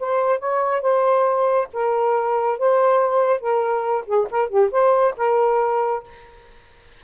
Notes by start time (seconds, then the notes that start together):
0.00 C5
0.40 C#5
0.82 C5
1.73 A#4
2.59 C5
3.41 A#4
4.06 G#4
4.31 A#4
4.49 G4
4.72 C5
5.18 A#4